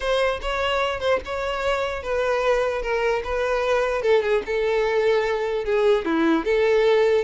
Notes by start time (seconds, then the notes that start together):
0.00 C5
0.41 C#5
1.00 C5
1.25 C#5
2.02 B4
2.82 A#4
3.23 B4
4.02 A4
4.22 G#4
4.46 A4
5.65 G#4
6.05 E4
6.44 A4